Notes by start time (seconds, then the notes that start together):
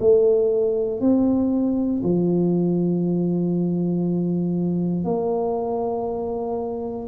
0.00 A3
1.00 C4
2.03 F3
5.04 A#3